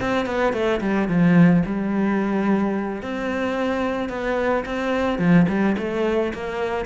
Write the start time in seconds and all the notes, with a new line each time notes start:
0.00 C4
0.25 B3
0.52 A3
0.80 G3
1.08 F3
1.66 G3
3.02 C4
4.09 B3
4.65 C4
5.18 F3
5.48 G3
5.77 A3
6.33 A#3